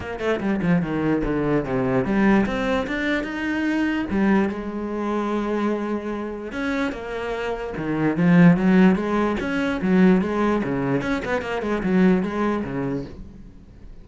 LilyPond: \new Staff \with { instrumentName = "cello" } { \time 4/4 \tempo 4 = 147 ais8 a8 g8 f8 dis4 d4 | c4 g4 c'4 d'4 | dis'2 g4 gis4~ | gis1 |
cis'4 ais2 dis4 | f4 fis4 gis4 cis'4 | fis4 gis4 cis4 cis'8 b8 | ais8 gis8 fis4 gis4 cis4 | }